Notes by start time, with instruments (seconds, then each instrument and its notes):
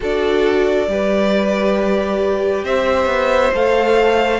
0.00 cello D4, viola F#4, violin A4 D5
0.87 cello G3, viola G4, violin B4
2.63 cello C4, violin C5 E5
3.05 cello B3
3.54 cello A3, viola A4, violin F5